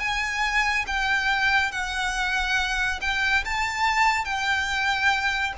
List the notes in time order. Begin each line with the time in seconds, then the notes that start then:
0.00 G#5
0.87 G5
1.72 F#5
3.02 G5
3.45 A5
4.25 G5